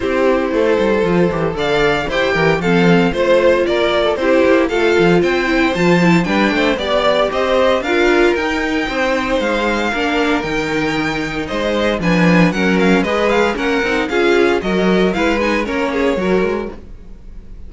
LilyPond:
<<
  \new Staff \with { instrumentName = "violin" } { \time 4/4 \tempo 4 = 115 c''2. f''4 | g''4 f''4 c''4 d''4 | c''4 f''4 g''4 a''4 | g''4 d''4 dis''4 f''4 |
g''2 f''2 | g''2 dis''4 gis''4 | fis''8 f''8 dis''8 f''8 fis''4 f''4 | dis''4 f''8 gis''8 cis''2 | }
  \new Staff \with { instrumentName = "violin" } { \time 4/4 g'4 a'2 d''4 | c''8 ais'8 a'4 c''4 ais'8. a'16 | g'4 a'4 c''2 | b'8 c''8 d''4 c''4 ais'4~ |
ais'4 c''2 ais'4~ | ais'2 c''4 b'4 | ais'4 b'4 ais'4 gis'4 | ais'4 b'4 ais'8 gis'8 ais'4 | }
  \new Staff \with { instrumentName = "viola" } { \time 4/4 e'2 f'8 g'8 a'4 | g'4 c'4 f'2 | e'4 f'4. e'8 f'8 e'8 | d'4 g'2 f'4 |
dis'2. d'4 | dis'2. d'4 | cis'4 gis'4 cis'8 dis'8 f'4 | fis'4 e'8 dis'8 cis'4 fis'4 | }
  \new Staff \with { instrumentName = "cello" } { \time 4/4 c'4 a8 g8 f8 e8 d4 | e'8 e8 f4 a4 ais4 | c'8 ais8 a8 f8 c'4 f4 | g8 a8 b4 c'4 d'4 |
dis'4 c'4 gis4 ais4 | dis2 gis4 f4 | fis4 gis4 ais8 c'8 cis'4 | fis4 gis4 ais4 fis8 gis8 | }
>>